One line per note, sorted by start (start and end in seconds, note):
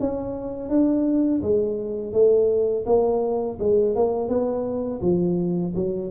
0.00 0.69 C#4
0.69 1.42 D4
1.43 2.13 G#3
2.13 2.85 A3
2.86 3.58 A#3
3.59 3.95 G#3
3.95 4.29 A#3
4.29 5.01 B3
5.01 5.74 F3
5.75 6.11 F#3